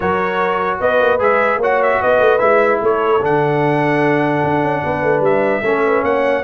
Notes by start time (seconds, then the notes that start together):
0.00 F#3 F#4 A#4 C#5
0.80 B3 B4 D#5
1.00 A#3
1.18 G#3 G#4 E5
1.56 A#3 F#4 C#5
1.62 F#5
1.82 E5
2.00 B3 B4 D#5
2.19 A3
2.38 G#3 E4 E5
2.82 A3 A4 C#5
3.21 D3 D4 F#5
4.43 D4
4.61 C#4
4.82 B3 B4
5.03 A3
5.20 G3 E5
5.62 A3 C#4 A4
5.85 B4
6.03 A#3 C#5 F#5